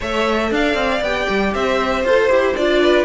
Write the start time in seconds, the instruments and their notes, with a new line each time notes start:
0.00 cello A3, viola A4, violin C#5 E5
0.51 cello D4, violin D5 F5
0.74 cello C4
1.01 cello B3, viola G4, violin G5
1.29 cello G3
1.54 cello C4, violin C5 E5
2.04 cello F4, viola A4, violin C5
2.30 cello E4, viola G4
2.56 cello D4, viola F4, violin D5
2.81 violin B4